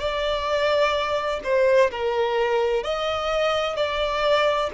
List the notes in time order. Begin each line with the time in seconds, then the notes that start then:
0.00 D5
1.44 C5
1.91 A#4
2.84 D#5
3.77 D5